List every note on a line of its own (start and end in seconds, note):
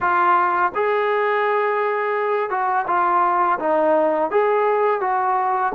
0.00 0.72 F4
0.74 2.49 G#4
2.49 2.85 F#4
2.87 3.58 F4
3.59 4.30 D#4
4.31 5.00 G#4
5.00 5.72 F#4